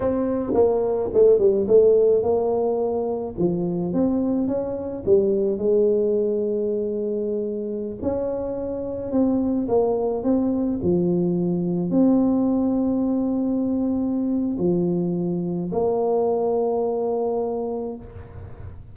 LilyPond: \new Staff \with { instrumentName = "tuba" } { \time 4/4 \tempo 4 = 107 c'4 ais4 a8 g8 a4 | ais2 f4 c'4 | cis'4 g4 gis2~ | gis2~ gis16 cis'4.~ cis'16~ |
cis'16 c'4 ais4 c'4 f8.~ | f4~ f16 c'2~ c'8.~ | c'2 f2 | ais1 | }